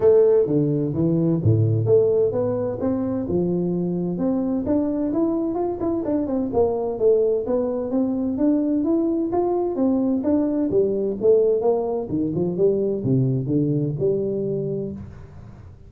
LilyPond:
\new Staff \with { instrumentName = "tuba" } { \time 4/4 \tempo 4 = 129 a4 d4 e4 a,4 | a4 b4 c'4 f4~ | f4 c'4 d'4 e'4 | f'8 e'8 d'8 c'8 ais4 a4 |
b4 c'4 d'4 e'4 | f'4 c'4 d'4 g4 | a4 ais4 dis8 f8 g4 | c4 d4 g2 | }